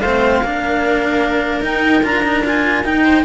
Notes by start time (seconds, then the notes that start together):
0.00 A3 C4 C5 F5
0.42 A#3 D4 A#4
1.60 D#4 G5
2.03 D4 F4 A#5
2.23 D#4
2.44 F4 G#5
2.84 D#4 G5
3.03 C5